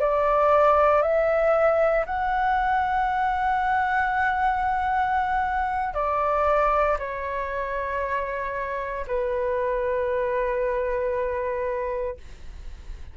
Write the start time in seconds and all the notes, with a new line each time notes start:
0.00 D5
1.02 E5
2.05 F#5
5.94 D5
6.98 C#5
9.07 B4